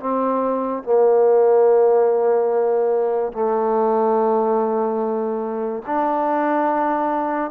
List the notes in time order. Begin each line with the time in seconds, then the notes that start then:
0.00 C4
0.83 A#3
3.33 A3
5.86 D4